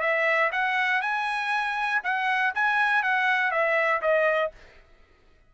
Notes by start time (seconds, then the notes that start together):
0.00 E5
0.52 F#5
1.01 G#5
2.03 F#5
2.54 G#5
3.02 F#5
3.51 E5
4.01 D#5